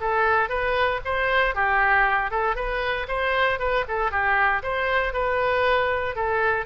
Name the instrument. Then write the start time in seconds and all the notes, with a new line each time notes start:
oboe
0.00 A4
0.49 B4
1.04 C5
1.55 G4
2.30 A4
2.55 B4
3.07 C5
3.59 B4
3.88 A4
4.11 G4
4.62 C5
5.13 B4
6.15 A4